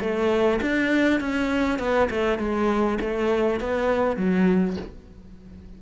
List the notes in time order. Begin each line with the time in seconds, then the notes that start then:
0.00 A3
0.62 D4
1.20 C#4
1.79 B3
2.10 A3
2.39 G#3
3.01 A3
3.61 B3
4.16 F#3